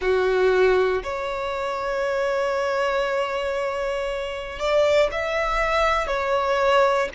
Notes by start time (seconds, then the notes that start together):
0.00 F#4
1.03 C#5
4.59 D5
5.11 E5
6.07 C#5